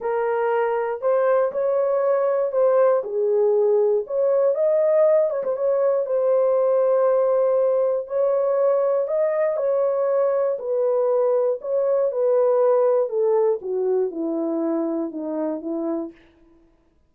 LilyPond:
\new Staff \with { instrumentName = "horn" } { \time 4/4 \tempo 4 = 119 ais'2 c''4 cis''4~ | cis''4 c''4 gis'2 | cis''4 dis''4. cis''16 c''16 cis''4 | c''1 |
cis''2 dis''4 cis''4~ | cis''4 b'2 cis''4 | b'2 a'4 fis'4 | e'2 dis'4 e'4 | }